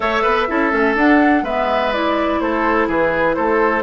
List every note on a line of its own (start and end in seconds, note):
0.00 0.23 A3
0.00 0.48 A4
0.00 0.22 C#5
0.00 0.96 E5
0.22 0.49 B3
0.22 0.46 B4
0.48 0.72 C#4
0.48 0.71 E4
0.48 1.43 A4
0.71 0.95 A3
0.71 0.95 C#4
0.95 1.42 D4
0.95 1.45 D4
0.95 1.44 F#5
1.42 2.38 G#3
1.42 1.93 B3
1.42 2.39 B4
1.42 1.92 E5
1.92 3.82 E4
1.92 2.40 D5
2.40 2.87 A3
2.40 2.87 A4
2.40 2.88 C5
2.87 3.35 E3
2.87 3.35 G#4
2.87 3.34 B4
3.34 3.82 A3
3.34 3.82 A4
3.34 3.82 C5